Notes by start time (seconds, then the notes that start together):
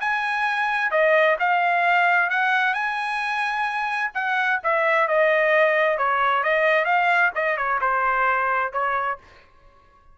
0.00 G#5
0.91 D#5
1.39 F5
2.30 F#5
2.74 G#5
4.14 F#5
4.63 E5
5.08 D#5
5.98 C#5
6.43 D#5
6.85 F5
7.35 D#5
7.57 C#5
7.81 C5
8.72 C#5